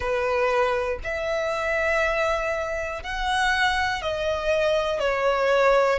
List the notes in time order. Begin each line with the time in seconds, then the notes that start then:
0.00 B4
1.03 E5
3.03 F#5
4.02 D#5
4.99 C#5